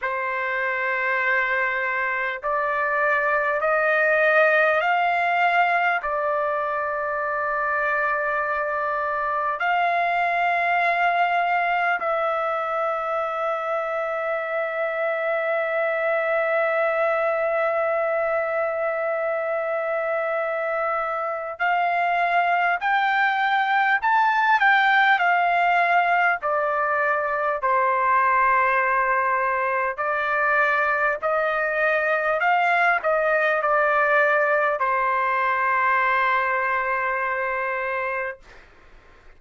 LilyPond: \new Staff \with { instrumentName = "trumpet" } { \time 4/4 \tempo 4 = 50 c''2 d''4 dis''4 | f''4 d''2. | f''2 e''2~ | e''1~ |
e''2 f''4 g''4 | a''8 g''8 f''4 d''4 c''4~ | c''4 d''4 dis''4 f''8 dis''8 | d''4 c''2. | }